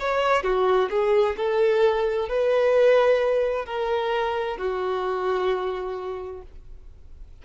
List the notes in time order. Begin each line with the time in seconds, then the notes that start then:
0.00 C#5
0.43 F#4
0.90 G#4
1.37 A4
2.29 B4
3.66 A#4
4.58 F#4